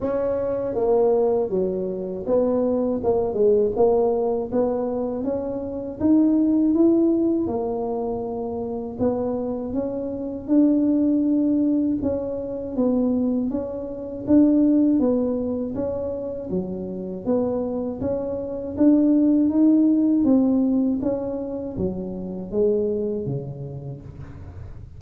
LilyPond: \new Staff \with { instrumentName = "tuba" } { \time 4/4 \tempo 4 = 80 cis'4 ais4 fis4 b4 | ais8 gis8 ais4 b4 cis'4 | dis'4 e'4 ais2 | b4 cis'4 d'2 |
cis'4 b4 cis'4 d'4 | b4 cis'4 fis4 b4 | cis'4 d'4 dis'4 c'4 | cis'4 fis4 gis4 cis4 | }